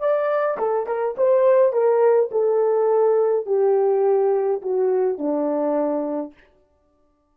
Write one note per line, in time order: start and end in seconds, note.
0.00 0.58 D5
0.58 0.87 A4
0.87 1.16 A#4
1.18 1.73 C5
1.73 2.31 A#4
2.32 3.46 A4
3.46 4.62 G4
4.62 5.18 F#4
5.18 6.34 D4